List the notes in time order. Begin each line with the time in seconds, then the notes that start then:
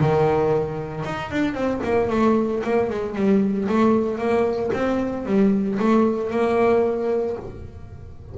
0.00 D#3
1.05 D#4
1.31 D4
1.54 C4
1.83 A#3
2.10 A3
2.64 A#3
2.90 G#3
3.16 G3
3.69 A3
4.18 A#3
4.74 C4
5.26 G3
5.79 A3
6.31 A#3